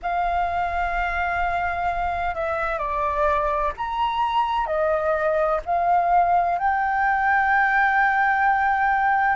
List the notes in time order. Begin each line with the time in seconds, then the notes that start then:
0.02 F5
2.34 E5
2.78 D5
3.77 A#5
4.66 D#5
5.65 F5
6.58 G5